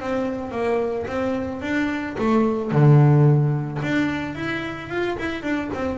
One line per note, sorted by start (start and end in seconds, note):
0.00 0.52 C4
0.52 1.06 A#3
1.07 1.62 C4
1.62 2.16 D4
2.18 2.72 A3
2.72 3.81 D3
3.83 4.35 D4
4.35 4.90 E4
4.90 5.17 F4
5.19 5.43 E4
5.43 5.70 D4
5.74 5.99 C4